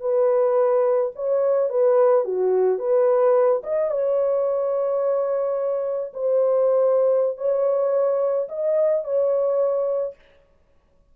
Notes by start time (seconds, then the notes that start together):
0.00 B4
1.15 C#5
1.69 B4
2.24 F#4
2.79 B4
3.63 D#5
3.91 C#5
6.13 C5
7.37 C#5
8.49 D#5
9.04 C#5